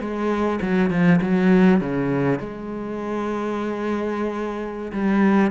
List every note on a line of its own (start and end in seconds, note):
0.00 0.59 G#3
0.61 0.90 F#3
0.90 1.20 F3
1.21 1.80 F#3
1.80 2.40 C#3
2.40 4.92 G#3
4.92 5.51 G3